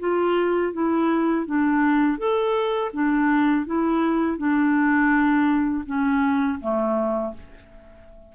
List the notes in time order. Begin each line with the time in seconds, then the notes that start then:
0.00 F4
0.73 E4
1.46 D4
2.18 A4
2.93 D4
3.66 E4
4.38 D4
5.86 C#4
6.61 A3